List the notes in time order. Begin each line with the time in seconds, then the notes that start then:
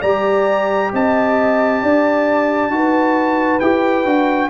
0.00 G3 G4 D5 A#5
0.93 C4 D#5 A5
1.82 D4 D5
2.69 D#4 F#4 B4
3.60 E4 G4 G5
4.04 D4 F#4